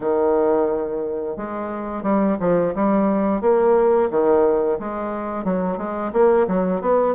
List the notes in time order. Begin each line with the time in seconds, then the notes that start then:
0.00 D#3
1.36 G#3
2.03 G3
2.40 F3
2.74 G3
3.41 A#3
4.10 D#3
4.79 G#3
5.44 F#3
5.77 G#3
6.12 A#3
6.47 F#3
6.81 B3